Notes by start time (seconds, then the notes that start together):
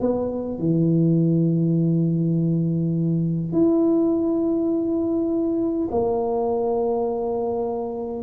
0.00 B3
0.58 E3
3.52 E4
5.91 A#3